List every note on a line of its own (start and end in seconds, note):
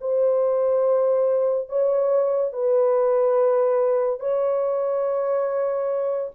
0.00 1.69 C5
1.69 2.52 C#5
2.52 4.19 B4
4.19 6.31 C#5